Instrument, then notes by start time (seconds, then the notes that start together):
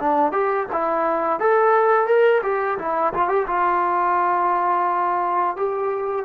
trombone
0.00 D4
0.32 G4
0.73 E4
1.40 A4
2.07 A#4
2.43 G4
2.78 E4
3.14 F4
3.29 G4
3.47 F4
5.57 G4